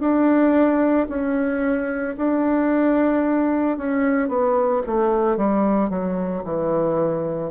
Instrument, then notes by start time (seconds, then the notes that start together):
bassoon
0.00 D4
1.09 C#4
2.17 D4
3.78 C#4
4.29 B3
4.87 A3
5.37 G3
5.90 F#3
6.44 E3